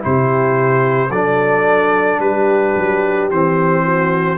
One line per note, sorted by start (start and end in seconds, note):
0.00 1.10 C3
0.00 1.09 E4
0.00 1.11 C5
0.06 1.11 G4
1.10 2.19 F#3
1.10 3.31 D4
1.10 2.20 A4
1.10 2.20 D5
2.19 2.74 G3
2.19 3.85 G4
2.19 3.30 B4
2.77 3.31 F#3
3.31 4.38 E3
3.31 4.38 C4
3.31 4.38 C5
3.85 4.38 F#4